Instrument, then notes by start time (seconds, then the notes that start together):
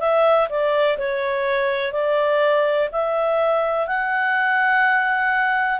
clarinet
0.00 E5
0.49 D5
0.98 C#5
1.92 D5
2.92 E5
3.87 F#5